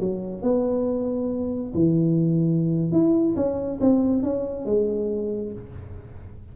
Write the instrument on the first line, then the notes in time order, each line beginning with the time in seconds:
tuba
0.00 F#3
0.42 B3
1.74 E3
2.92 E4
3.36 C#4
3.81 C4
4.23 C#4
4.65 G#3